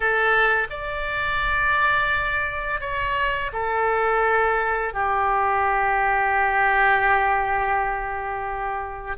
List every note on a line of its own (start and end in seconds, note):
0.00 0.67 A4
0.70 2.80 D5
2.80 3.51 C#5
3.52 4.93 A4
4.93 9.17 G4